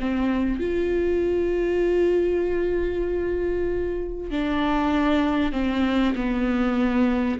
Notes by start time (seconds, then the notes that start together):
0.00 C4
0.60 F4
4.31 D4
5.52 C4
6.15 B3